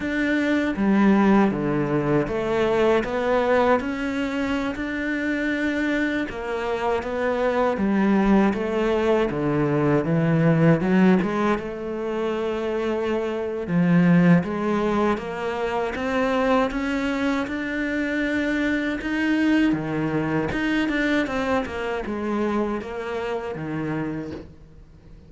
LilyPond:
\new Staff \with { instrumentName = "cello" } { \time 4/4 \tempo 4 = 79 d'4 g4 d4 a4 | b4 cis'4~ cis'16 d'4.~ d'16~ | d'16 ais4 b4 g4 a8.~ | a16 d4 e4 fis8 gis8 a8.~ |
a2 f4 gis4 | ais4 c'4 cis'4 d'4~ | d'4 dis'4 dis4 dis'8 d'8 | c'8 ais8 gis4 ais4 dis4 | }